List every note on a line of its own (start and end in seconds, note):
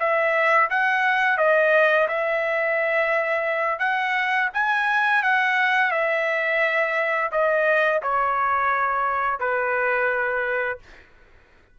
0.00 0.70 E5
0.70 1.38 F#5
1.38 2.08 D#5
2.09 3.80 E5
3.80 4.50 F#5
4.54 5.23 G#5
5.23 5.92 F#5
5.92 7.31 E5
7.32 8.02 D#5
8.03 9.40 C#5
9.40 10.79 B4